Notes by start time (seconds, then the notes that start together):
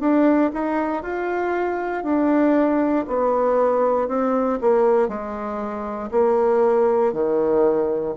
0.00 D4
0.53 D#4
1.03 F4
2.04 D4
3.08 B3
4.08 C4
4.61 A#3
5.08 G#3
6.11 A#3
7.13 D#3